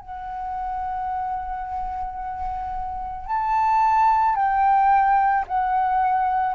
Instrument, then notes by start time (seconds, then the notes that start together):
flute
0.00 F#5
3.26 A5
4.35 G5
5.47 F#5